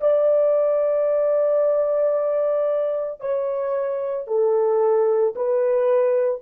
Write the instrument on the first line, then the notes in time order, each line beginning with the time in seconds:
horn
0.00 D5
3.20 C#5
4.27 A4
5.35 B4